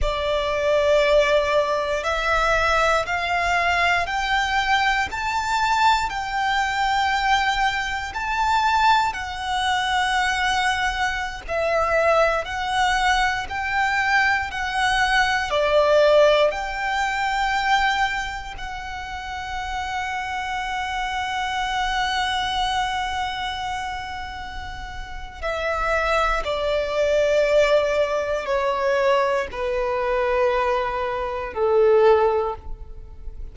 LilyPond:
\new Staff \with { instrumentName = "violin" } { \time 4/4 \tempo 4 = 59 d''2 e''4 f''4 | g''4 a''4 g''2 | a''4 fis''2~ fis''16 e''8.~ | e''16 fis''4 g''4 fis''4 d''8.~ |
d''16 g''2 fis''4.~ fis''16~ | fis''1~ | fis''4 e''4 d''2 | cis''4 b'2 a'4 | }